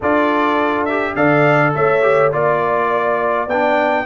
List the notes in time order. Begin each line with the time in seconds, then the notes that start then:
0.00 D4 F4 A4 D5
0.85 G4 E5
1.15 D3 A4 D5 F5
1.74 A3 C#5 E5
2.02 G4
2.32 A#3 F4 D5
3.47 B3 D4 G5